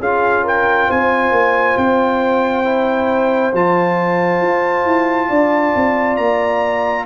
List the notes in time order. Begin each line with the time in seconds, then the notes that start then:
0.00 C#4 F4 G#4 F5
0.44 A#4 G5
0.87 C4 C5 G#5
1.31 A#3
1.77 C4 G5
2.65 E4
3.53 F3 F4 A5
4.42 F4
4.85 E4
5.29 D4 D5
5.76 C4
6.17 A#3 A#5